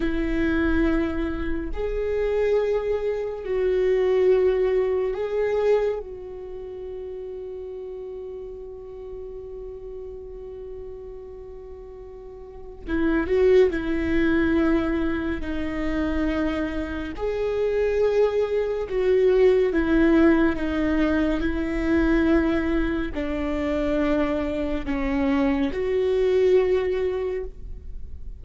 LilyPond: \new Staff \with { instrumentName = "viola" } { \time 4/4 \tempo 4 = 70 e'2 gis'2 | fis'2 gis'4 fis'4~ | fis'1~ | fis'2. e'8 fis'8 |
e'2 dis'2 | gis'2 fis'4 e'4 | dis'4 e'2 d'4~ | d'4 cis'4 fis'2 | }